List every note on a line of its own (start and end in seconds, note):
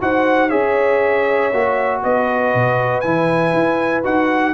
0.00 0.52 D#4
0.00 0.50 F#4
0.00 0.49 C5
0.00 0.49 F#5
0.49 1.52 C#4
0.49 1.51 G#4
0.49 2.00 C#5
0.49 2.00 E5
1.52 2.03 A#3
1.52 3.03 F#4
2.02 2.54 B3
2.02 4.53 B4
2.02 3.00 D#5
2.54 3.04 B2
3.00 3.53 E3
3.00 4.03 E4
3.00 4.01 G#5
3.53 4.04 E4
4.03 4.53 D#4
4.03 4.53 F#4
4.03 4.53 F#5